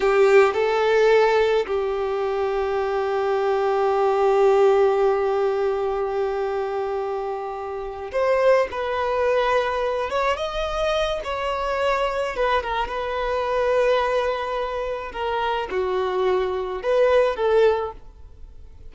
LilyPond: \new Staff \with { instrumentName = "violin" } { \time 4/4 \tempo 4 = 107 g'4 a'2 g'4~ | g'1~ | g'1~ | g'2~ g'8 c''4 b'8~ |
b'2 cis''8 dis''4. | cis''2 b'8 ais'8 b'4~ | b'2. ais'4 | fis'2 b'4 a'4 | }